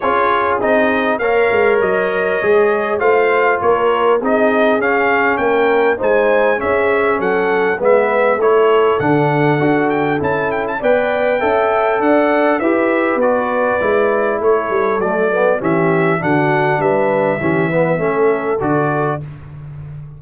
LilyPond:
<<
  \new Staff \with { instrumentName = "trumpet" } { \time 4/4 \tempo 4 = 100 cis''4 dis''4 f''4 dis''4~ | dis''4 f''4 cis''4 dis''4 | f''4 g''4 gis''4 e''4 | fis''4 e''4 cis''4 fis''4~ |
fis''8 g''8 a''8 g''16 a''16 g''2 | fis''4 e''4 d''2 | cis''4 d''4 e''4 fis''4 | e''2. d''4 | }
  \new Staff \with { instrumentName = "horn" } { \time 4/4 gis'2 cis''2~ | cis''4 c''4 ais'4 gis'4~ | gis'4 ais'4 c''4 gis'4 | a'4 b'4 a'2~ |
a'2 d''4 e''4 | d''4 b'2. | a'2 g'4 fis'4 | b'4 g'8 b'8 a'2 | }
  \new Staff \with { instrumentName = "trombone" } { \time 4/4 f'4 dis'4 ais'2 | gis'4 f'2 dis'4 | cis'2 dis'4 cis'4~ | cis'4 b4 e'4 d'4 |
fis'4 e'4 b'4 a'4~ | a'4 g'4 fis'4 e'4~ | e'4 a8 b8 cis'4 d'4~ | d'4 cis'8 b8 cis'4 fis'4 | }
  \new Staff \with { instrumentName = "tuba" } { \time 4/4 cis'4 c'4 ais8 gis8 fis4 | gis4 a4 ais4 c'4 | cis'4 ais4 gis4 cis'4 | fis4 gis4 a4 d4 |
d'4 cis'4 b4 cis'4 | d'4 e'4 b4 gis4 | a8 g8 fis4 e4 d4 | g4 e4 a4 d4 | }
>>